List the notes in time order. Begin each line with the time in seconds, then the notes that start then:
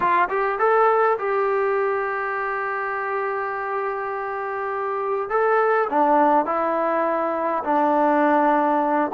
0.00 F4
0.29 G4
0.58 A4
1.18 G4
5.29 A4
5.89 D4
6.45 E4
7.64 D4